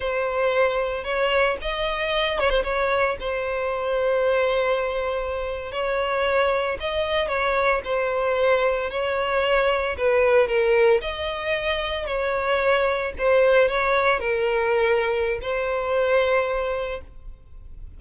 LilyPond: \new Staff \with { instrumentName = "violin" } { \time 4/4 \tempo 4 = 113 c''2 cis''4 dis''4~ | dis''8 cis''16 c''16 cis''4 c''2~ | c''2~ c''8. cis''4~ cis''16~ | cis''8. dis''4 cis''4 c''4~ c''16~ |
c''8. cis''2 b'4 ais'16~ | ais'8. dis''2 cis''4~ cis''16~ | cis''8. c''4 cis''4 ais'4~ ais'16~ | ais'4 c''2. | }